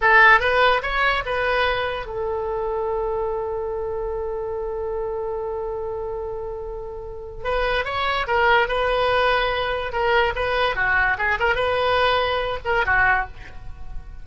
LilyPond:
\new Staff \with { instrumentName = "oboe" } { \time 4/4 \tempo 4 = 145 a'4 b'4 cis''4 b'4~ | b'4 a'2.~ | a'1~ | a'1~ |
a'2 b'4 cis''4 | ais'4 b'2. | ais'4 b'4 fis'4 gis'8 ais'8 | b'2~ b'8 ais'8 fis'4 | }